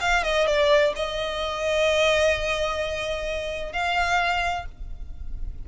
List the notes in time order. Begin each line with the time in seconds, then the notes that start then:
0.00 F5
0.23 D#5
0.47 D5
0.95 D#5
3.72 F5